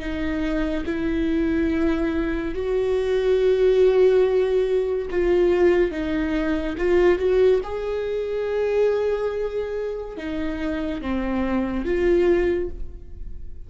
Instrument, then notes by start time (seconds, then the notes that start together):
viola
0.00 D#4
0.86 E4
2.55 F#4
5.11 F4
5.91 D#4
6.78 F4
7.19 F#4
7.64 G#4
10.18 D#4
11.02 C4
11.85 F4